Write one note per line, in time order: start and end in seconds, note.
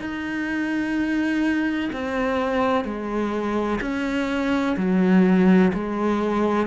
0.00 1.90 D#4
1.93 2.85 C4
2.85 3.80 G#3
3.81 4.76 C#4
4.77 5.72 F#3
5.74 6.67 G#3